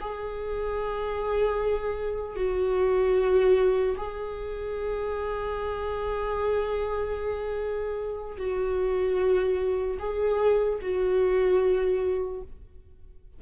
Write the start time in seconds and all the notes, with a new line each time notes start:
0.00 G#4
2.36 F#4
3.97 G#4
8.37 F#4
9.99 G#4
10.81 F#4